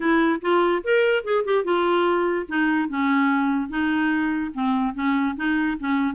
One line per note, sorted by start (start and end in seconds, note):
0.00 0.40 E4
0.41 0.82 F4
0.83 1.23 A#4
1.23 1.44 G#4
1.44 1.64 G4
1.64 2.46 F4
2.48 2.88 D#4
2.88 3.69 C#4
3.69 4.51 D#4
4.54 4.94 C4
4.94 5.35 C#4
5.36 5.77 D#4
5.79 6.14 C#4